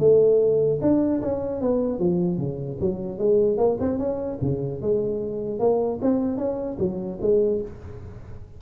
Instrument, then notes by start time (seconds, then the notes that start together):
tuba
0.00 A3
0.82 D4
1.22 C#4
1.61 B3
1.99 F3
2.38 C#3
2.81 F#3
3.19 G#3
3.58 A#3
3.81 C4
3.99 C#4
4.42 C#3
4.82 G#3
5.60 A#3
6.02 C4
6.38 C#4
6.79 F#3
7.22 G#3